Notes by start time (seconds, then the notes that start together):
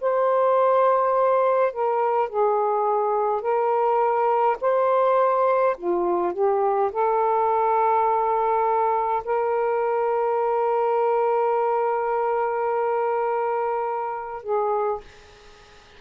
0.00 C5
1.73 A#4
2.29 G#4
3.41 A#4
4.61 C5
5.77 F4
6.33 G4
6.92 A4
9.24 A#4
14.43 G#4